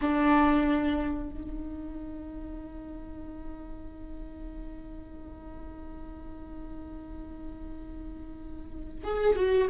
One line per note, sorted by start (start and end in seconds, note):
0.01 1.30 D4
1.30 9.04 D#4
9.04 9.35 G#4
9.35 9.67 F#4